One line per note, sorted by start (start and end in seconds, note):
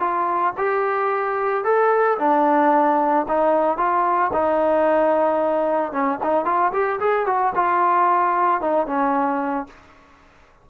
0.00 0.54 F4
0.57 1.64 G4
1.64 2.18 A4
2.19 3.26 D4
3.28 3.77 D#4
3.77 4.31 F4
4.33 5.92 D#4
5.92 6.19 C#4
6.23 6.45 D#4
6.45 6.72 F4
6.73 6.99 G4
7.00 7.26 G#4
7.26 7.53 F#4
7.55 8.61 F4
8.61 8.86 D#4
8.86 9.67 C#4